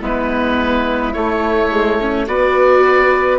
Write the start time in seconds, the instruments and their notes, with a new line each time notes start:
0.00 bassoon G#3, viola B3, flute E4, oboe B4
1.13 viola A3, bassoon A3, oboe C#5
1.72 viola G#3
2.01 viola C#4
2.27 bassoon B3, viola F#4, flute B4, oboe D5